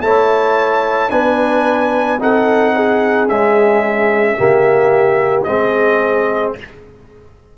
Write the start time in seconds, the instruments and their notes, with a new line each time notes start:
0.00 tuba A3, trombone E4, horn C#5, trumpet A5
1.09 tuba B3, trombone D4, horn B4, trumpet G#5
2.19 tuba C4, trombone D#4, horn A4, trumpet F#5
2.76 horn G#4
3.28 trombone G#3, tuba C#4, trumpet E5
4.37 tuba C#3, trombone A#3, horn G4
5.43 tuba G#3, trombone C4, horn G#4, trumpet D#5